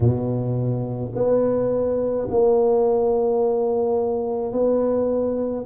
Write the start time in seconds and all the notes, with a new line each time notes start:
0.00 B2
1.15 B3
2.30 A#3
4.52 B3